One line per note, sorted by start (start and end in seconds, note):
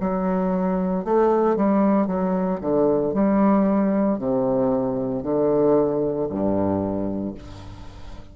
0.00 1.04 F#3
1.04 1.56 A3
1.56 2.07 G3
2.07 2.60 F#3
2.61 3.14 D3
3.14 4.19 G3
4.19 5.23 C3
5.23 6.28 D3
6.30 7.35 G2